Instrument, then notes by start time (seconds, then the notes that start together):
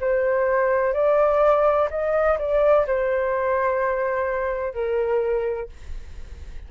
flute
0.00 C5
0.93 D5
1.90 D#5
2.39 D5
2.87 C5
4.74 A#4